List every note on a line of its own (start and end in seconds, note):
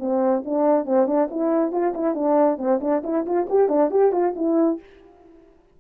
0.00 0.44 C4
0.46 0.86 D4
0.86 1.07 C4
1.07 1.29 D4
1.31 1.72 E4
1.72 1.94 F4
1.95 2.15 E4
2.15 2.58 D4
2.58 2.80 C4
2.81 3.03 D4
3.04 3.26 E4
3.26 3.48 F4
3.50 3.69 G4
3.69 3.91 D4
3.91 4.13 G4
4.13 4.35 F4
4.36 4.80 E4